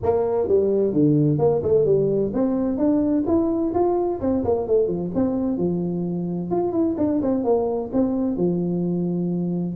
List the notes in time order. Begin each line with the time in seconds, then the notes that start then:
0.02 A#3
0.48 G3
0.92 D3
1.38 A#3
1.63 A3
1.85 G3
2.33 C4
2.77 D4
3.26 E4
3.74 F4
4.21 C4
4.44 A#3
4.67 A3
4.87 F3
5.15 C4
5.57 F3
6.50 F4
6.72 E4
6.97 D4
7.22 C4
7.43 A#3
7.93 C4
8.37 F3